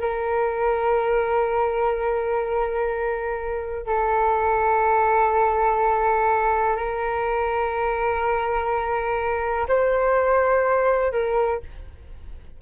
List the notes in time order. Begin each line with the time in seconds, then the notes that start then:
0.00 A#4
3.87 A4
6.77 A#4
9.68 C5
11.12 A#4